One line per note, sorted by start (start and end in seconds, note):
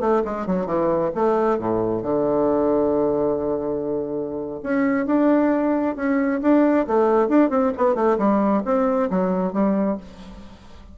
0.00 0.22 A3
0.24 0.46 G#3
0.46 0.66 F#3
0.66 1.11 E3
1.15 1.58 A3
1.58 2.02 A2
2.02 4.60 D3
4.63 5.06 C#4
5.06 5.95 D4
5.95 6.40 C#4
6.41 6.86 D4
6.86 7.28 A3
7.28 7.49 D4
7.49 7.72 C4
7.77 7.95 B3
7.95 8.17 A3
8.18 8.63 G3
8.65 9.10 C4
9.10 9.53 F#3
9.53 9.97 G3